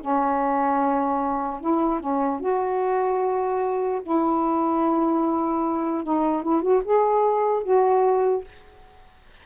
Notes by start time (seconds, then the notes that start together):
0.00 C#4
1.60 E4
2.00 C#4
2.40 F#4
4.02 E4
6.03 D#4
6.42 E4
6.61 F#4
6.84 G#4
7.63 F#4